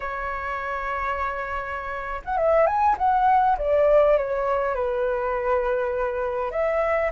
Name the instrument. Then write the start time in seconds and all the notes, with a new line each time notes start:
flute
0.00 C#5
2.24 F#5
2.37 E5
2.66 G#5
2.98 F#5
3.58 D5
4.17 C#5
4.74 B4
6.51 E5